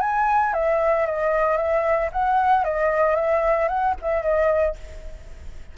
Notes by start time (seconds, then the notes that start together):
0.00 G#5
0.53 E5
1.06 D#5
1.56 E5
2.12 F#5
2.64 D#5
3.15 E5
3.68 F#5
4.02 E5
4.22 D#5